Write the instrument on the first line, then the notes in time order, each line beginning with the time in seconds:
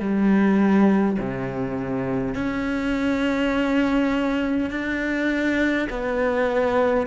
cello
0.00 G3
1.19 C3
2.35 C#4
4.70 D4
5.90 B3